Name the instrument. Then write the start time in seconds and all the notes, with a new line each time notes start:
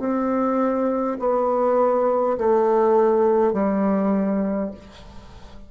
bassoon
0.00 C4
1.20 B3
2.39 A3
3.53 G3